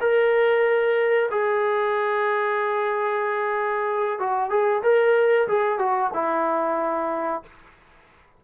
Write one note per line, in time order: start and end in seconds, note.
0.00 1.29 A#4
1.30 4.19 G#4
4.19 4.50 F#4
4.50 4.82 G#4
4.82 5.47 A#4
5.48 5.78 G#4
5.78 6.11 F#4
6.13 7.42 E4